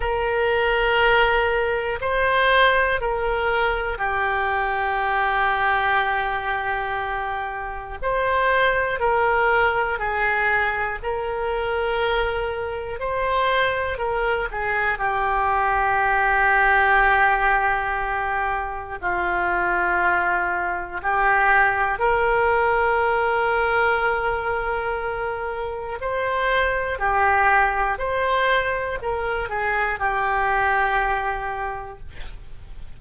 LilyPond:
\new Staff \with { instrumentName = "oboe" } { \time 4/4 \tempo 4 = 60 ais'2 c''4 ais'4 | g'1 | c''4 ais'4 gis'4 ais'4~ | ais'4 c''4 ais'8 gis'8 g'4~ |
g'2. f'4~ | f'4 g'4 ais'2~ | ais'2 c''4 g'4 | c''4 ais'8 gis'8 g'2 | }